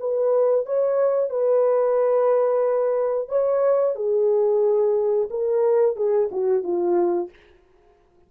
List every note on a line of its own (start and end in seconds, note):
0.00 0.66 B4
0.66 1.30 C#5
1.30 3.29 B4
3.29 3.96 C#5
3.96 5.29 G#4
5.31 5.96 A#4
5.96 6.30 G#4
6.32 6.64 F#4
6.64 7.30 F4